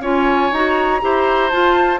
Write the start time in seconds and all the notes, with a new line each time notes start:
0.00 C#4 F4 C#5 G#5
0.52 D#4 F#4 A#5
1.00 E4 G4 C5
1.49 F4 A5